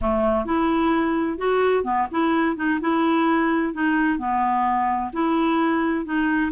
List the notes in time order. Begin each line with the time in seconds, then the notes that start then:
0.01 A3
0.45 E4
1.37 F#4
1.84 B3
2.11 E4
2.56 D#4
2.80 E4
3.73 D#4
4.18 B3
5.12 E4
6.05 D#4